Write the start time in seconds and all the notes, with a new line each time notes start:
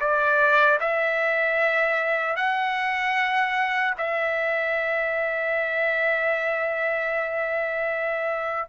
0.00 D5
0.80 E5
2.36 F#5
3.98 E5